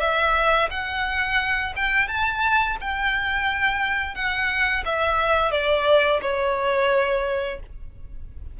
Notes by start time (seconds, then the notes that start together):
0.00 E5
0.71 F#5
1.76 G5
2.08 A5
2.81 G5
4.15 F#5
4.85 E5
5.51 D5
6.22 C#5